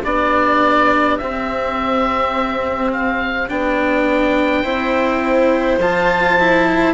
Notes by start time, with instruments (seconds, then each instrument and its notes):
0.00 bassoon B3, cello D4, violin G4, oboe D5
1.18 bassoon C4, cello C4, oboe E5
2.92 oboe F5
3.48 bassoon B3, cello D4, oboe G5
4.62 bassoon C4, cello E4, violin C5
5.78 bassoon F3, cello F4, oboe A5
6.39 cello E4